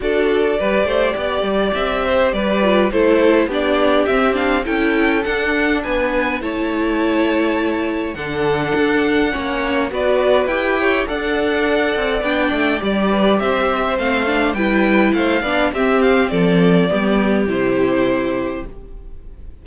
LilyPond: <<
  \new Staff \with { instrumentName = "violin" } { \time 4/4 \tempo 4 = 103 d''2. e''4 | d''4 c''4 d''4 e''8 f''8 | g''4 fis''4 gis''4 a''4~ | a''2 fis''2~ |
fis''4 d''4 g''4 fis''4~ | fis''4 g''4 d''4 e''4 | f''4 g''4 f''4 e''8 f''8 | d''2 c''2 | }
  \new Staff \with { instrumentName = "violin" } { \time 4/4 a'4 b'8 c''8 d''4. c''8 | b'4 a'4 g'2 | a'2 b'4 cis''4~ | cis''2 a'2 |
cis''4 b'4. cis''8 d''4~ | d''2~ d''8 b'8 c''4~ | c''4 b'4 c''8 d''8 g'4 | a'4 g'2. | }
  \new Staff \with { instrumentName = "viola" } { \time 4/4 fis'4 g'2.~ | g'8 f'8 e'4 d'4 c'8 d'8 | e'4 d'2 e'4~ | e'2 d'2 |
cis'4 fis'4 g'4 a'4~ | a'4 d'4 g'2 | c'8 d'8 e'4. d'8 c'4~ | c'4 b4 e'2 | }
  \new Staff \with { instrumentName = "cello" } { \time 4/4 d'4 g8 a8 b8 g8 c'4 | g4 a4 b4 c'4 | cis'4 d'4 b4 a4~ | a2 d4 d'4 |
ais4 b4 e'4 d'4~ | d'8 c'8 b8 a8 g4 c'4 | a4 g4 a8 b8 c'4 | f4 g4 c2 | }
>>